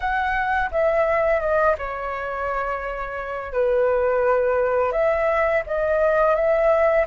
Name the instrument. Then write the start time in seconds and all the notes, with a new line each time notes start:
flute
0.00 F#5
0.71 E5
1.40 D#5
1.77 C#5
3.52 B4
4.92 E5
5.66 D#5
6.35 E5